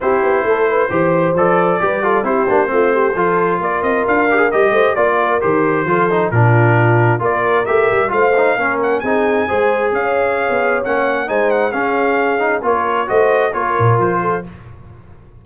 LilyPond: <<
  \new Staff \with { instrumentName = "trumpet" } { \time 4/4 \tempo 4 = 133 c''2. d''4~ | d''4 c''2. | d''8 dis''8 f''4 dis''4 d''4 | c''2 ais'2 |
d''4 e''4 f''4. fis''8 | gis''2 f''2 | fis''4 gis''8 fis''8 f''2 | cis''4 dis''4 cis''4 c''4 | }
  \new Staff \with { instrumentName = "horn" } { \time 4/4 g'4 a'8 b'8 c''2 | b'8 a'8 g'4 f'8 g'8 a'4 | ais'2~ ais'8 c''8 d''8 ais'8~ | ais'4 a'4 f'2 |
ais'2 c''4 ais'4 | gis'4 c''4 cis''2~ | cis''4 c''4 gis'2 | ais'4 c''4 ais'4. a'8 | }
  \new Staff \with { instrumentName = "trombone" } { \time 4/4 e'2 g'4 a'4 | g'8 f'8 e'8 d'8 c'4 f'4~ | f'4. g'16 gis'16 g'4 f'4 | g'4 f'8 dis'8 d'2 |
f'4 g'4 f'8 dis'8 cis'4 | dis'4 gis'2. | cis'4 dis'4 cis'4. dis'8 | f'4 fis'4 f'2 | }
  \new Staff \with { instrumentName = "tuba" } { \time 4/4 c'8 b8 a4 e4 f4 | g4 c'8 ais8 a4 f4 | ais8 c'8 d'4 g8 a8 ais4 | dis4 f4 ais,2 |
ais4 a8 g8 a4 ais4 | c'4 gis4 cis'4~ cis'16 b8. | ais4 gis4 cis'2 | ais4 a4 ais8 ais,8 f4 | }
>>